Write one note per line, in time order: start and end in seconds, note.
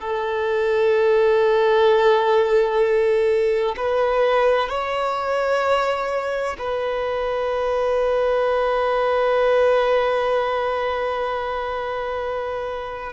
0.00 3.75 A4
3.76 4.69 B4
4.69 6.56 C#5
6.58 13.12 B4